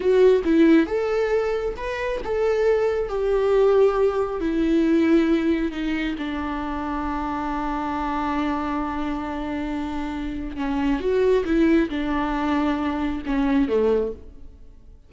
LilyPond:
\new Staff \with { instrumentName = "viola" } { \time 4/4 \tempo 4 = 136 fis'4 e'4 a'2 | b'4 a'2 g'4~ | g'2 e'2~ | e'4 dis'4 d'2~ |
d'1~ | d'1 | cis'4 fis'4 e'4 d'4~ | d'2 cis'4 a4 | }